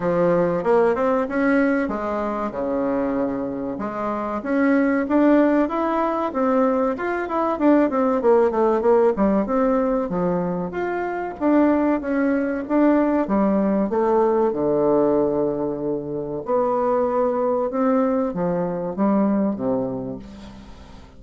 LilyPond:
\new Staff \with { instrumentName = "bassoon" } { \time 4/4 \tempo 4 = 95 f4 ais8 c'8 cis'4 gis4 | cis2 gis4 cis'4 | d'4 e'4 c'4 f'8 e'8 | d'8 c'8 ais8 a8 ais8 g8 c'4 |
f4 f'4 d'4 cis'4 | d'4 g4 a4 d4~ | d2 b2 | c'4 f4 g4 c4 | }